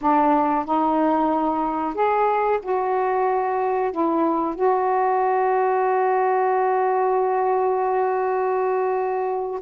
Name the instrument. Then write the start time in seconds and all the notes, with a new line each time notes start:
saxophone
0.01 D4
0.65 D#4
1.94 G#4
2.62 F#4
3.91 E4
4.55 F#4